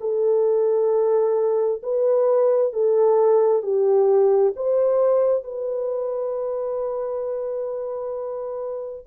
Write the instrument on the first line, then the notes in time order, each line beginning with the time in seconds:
horn
0.00 A4
1.82 B4
2.72 A4
3.62 G4
4.55 C5
5.43 B4